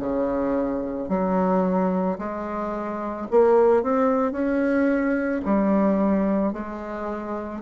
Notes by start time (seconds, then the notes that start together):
0.00 C#3
1.09 F#3
2.19 G#3
3.31 A#3
3.83 C4
4.32 C#4
5.45 G3
6.53 G#3